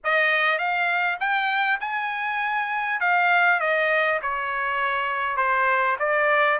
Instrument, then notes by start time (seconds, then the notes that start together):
trumpet
0.04 D#5
0.58 F5
1.19 G5
1.80 G#5
3.00 F5
3.59 D#5
4.21 C#5
5.36 C5
5.99 D5